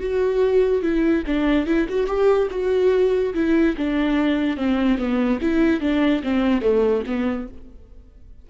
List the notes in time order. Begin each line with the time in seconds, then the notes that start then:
0.00 F#4
0.82 E4
1.27 D4
1.66 E4
1.89 F#4
2.07 G4
2.51 F#4
3.34 E4
3.77 D4
4.57 C4
4.98 B3
5.41 E4
5.80 D4
6.23 C4
6.62 A3
7.06 B3